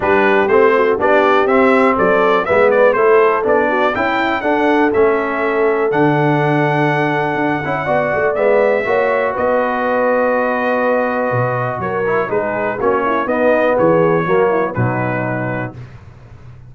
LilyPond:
<<
  \new Staff \with { instrumentName = "trumpet" } { \time 4/4 \tempo 4 = 122 b'4 c''4 d''4 e''4 | d''4 e''8 d''8 c''4 d''4 | g''4 fis''4 e''2 | fis''1~ |
fis''4 e''2 dis''4~ | dis''1 | cis''4 b'4 cis''4 dis''4 | cis''2 b'2 | }
  \new Staff \with { instrumentName = "horn" } { \time 4/4 g'4. fis'8 g'2 | a'4 b'4 a'4. fis'8 | e'4 a'2.~ | a'1 |
d''2 cis''4 b'4~ | b'1 | ais'4 gis'4 fis'8 e'8 dis'4 | gis'4 fis'8 e'8 dis'2 | }
  \new Staff \with { instrumentName = "trombone" } { \time 4/4 d'4 c'4 d'4 c'4~ | c'4 b4 e'4 d'4 | e'4 d'4 cis'2 | d'2.~ d'8 e'8 |
fis'4 b4 fis'2~ | fis'1~ | fis'8 e'8 dis'4 cis'4 b4~ | b4 ais4 fis2 | }
  \new Staff \with { instrumentName = "tuba" } { \time 4/4 g4 a4 b4 c'4 | fis4 gis4 a4 b4 | cis'4 d'4 a2 | d2. d'8 cis'8 |
b8 a8 gis4 ais4 b4~ | b2. b,4 | fis4 gis4 ais4 b4 | e4 fis4 b,2 | }
>>